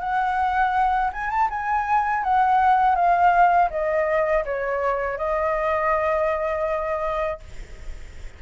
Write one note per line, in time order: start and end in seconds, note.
0.00 1.11 F#5
1.13 1.31 G#5
1.31 1.49 A5
1.50 2.24 G#5
2.24 2.96 F#5
2.96 3.70 F5
3.70 4.44 D#5
4.45 5.18 C#5
5.18 7.40 D#5